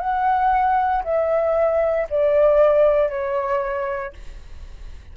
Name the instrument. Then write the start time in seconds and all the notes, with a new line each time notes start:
flute
0.00 F#5
1.04 E5
2.10 D5
3.10 C#5